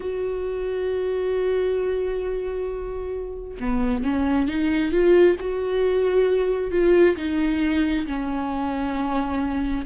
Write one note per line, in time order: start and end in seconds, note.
0.00 3.57 F#4
3.60 4.03 B3
4.03 4.48 C#4
4.48 4.91 D#4
4.91 5.36 F4
5.40 6.71 F#4
6.71 7.16 F4
7.16 8.06 D#4
8.06 9.85 C#4